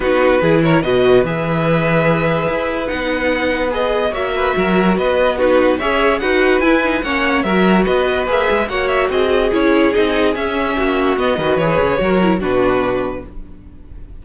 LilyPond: <<
  \new Staff \with { instrumentName = "violin" } { \time 4/4 \tempo 4 = 145 b'4. cis''8 dis''4 e''4~ | e''2. fis''4~ | fis''4 dis''4 e''2 | dis''4 b'4 e''4 fis''4 |
gis''4 fis''4 e''4 dis''4 | e''4 fis''8 e''8 dis''4 cis''4 | dis''4 e''2 dis''4 | cis''2 b'2 | }
  \new Staff \with { instrumentName = "violin" } { \time 4/4 fis'4 gis'8 ais'8 b'2~ | b'1~ | b'2 cis''8 b'8 ais'4 | b'4 fis'4 cis''4 b'4~ |
b'4 cis''4 ais'4 b'4~ | b'4 cis''4 gis'2~ | gis'2 fis'4. b'8~ | b'4 ais'4 fis'2 | }
  \new Staff \with { instrumentName = "viola" } { \time 4/4 dis'4 e'4 fis'4 gis'4~ | gis'2. dis'4~ | dis'4 gis'4 fis'2~ | fis'4 dis'4 gis'4 fis'4 |
e'8 dis'8 cis'4 fis'2 | gis'4 fis'2 e'4 | dis'4 cis'2 b8 fis'8 | gis'4 fis'8 e'8 d'2 | }
  \new Staff \with { instrumentName = "cello" } { \time 4/4 b4 e4 b,4 e4~ | e2 e'4 b4~ | b2 ais4 fis4 | b2 cis'4 dis'4 |
e'4 ais4 fis4 b4 | ais8 gis8 ais4 c'4 cis'4 | c'4 cis'4 ais4 b8 dis8 | e8 cis8 fis4 b,2 | }
>>